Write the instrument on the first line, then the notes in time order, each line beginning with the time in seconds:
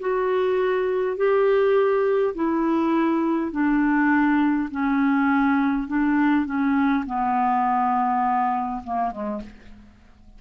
clarinet
0.00 F#4
1.17 G4
2.35 E4
3.52 D4
4.71 C#4
5.88 D4
6.45 C#4
7.06 B3
8.84 A#3
9.12 G#3